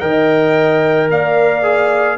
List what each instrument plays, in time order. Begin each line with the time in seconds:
0.00 tuba D#3, trombone A#4, horn D#5, trumpet G5
1.10 tuba A#3, horn D5, trumpet F5
1.63 trombone G#4